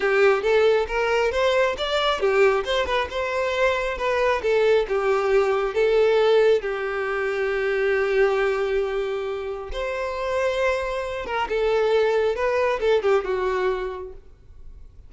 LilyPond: \new Staff \with { instrumentName = "violin" } { \time 4/4 \tempo 4 = 136 g'4 a'4 ais'4 c''4 | d''4 g'4 c''8 b'8 c''4~ | c''4 b'4 a'4 g'4~ | g'4 a'2 g'4~ |
g'1~ | g'2 c''2~ | c''4. ais'8 a'2 | b'4 a'8 g'8 fis'2 | }